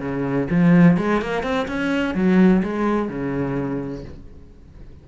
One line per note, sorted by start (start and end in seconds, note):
0.00 0.48 C#3
0.50 0.97 F3
0.97 1.21 G#3
1.21 1.43 A#3
1.43 1.66 C4
1.67 2.15 C#4
2.15 2.62 F#3
2.63 3.09 G#3
3.09 4.04 C#3